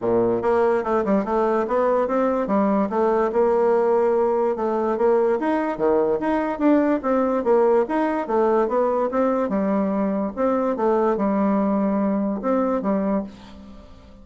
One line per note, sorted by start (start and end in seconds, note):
0.01 0.42 A#2
0.42 0.83 A#3
0.83 1.04 A3
1.04 1.24 G3
1.24 1.66 A3
1.67 2.07 B3
2.07 2.47 C4
2.47 2.88 G3
2.89 3.31 A3
3.32 4.56 A#3
4.56 4.97 A3
4.97 5.38 A#3
5.39 5.77 D#4
5.77 6.19 D#3
6.20 6.58 D#4
6.58 7.00 D4
7.02 7.44 C4
7.44 7.85 A#3
7.88 8.27 D#4
8.27 8.68 A3
8.68 9.09 B3
9.11 9.49 C4
9.49 10.32 G3
10.35 10.76 C4
10.76 11.16 A3
11.16 12.40 G3
12.41 12.82 C4
12.82 13.23 G3